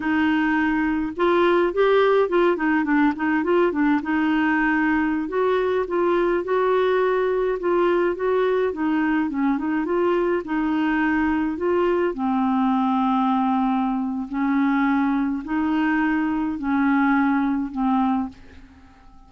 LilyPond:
\new Staff \with { instrumentName = "clarinet" } { \time 4/4 \tempo 4 = 105 dis'2 f'4 g'4 | f'8 dis'8 d'8 dis'8 f'8 d'8 dis'4~ | dis'4~ dis'16 fis'4 f'4 fis'8.~ | fis'4~ fis'16 f'4 fis'4 dis'8.~ |
dis'16 cis'8 dis'8 f'4 dis'4.~ dis'16~ | dis'16 f'4 c'2~ c'8.~ | c'4 cis'2 dis'4~ | dis'4 cis'2 c'4 | }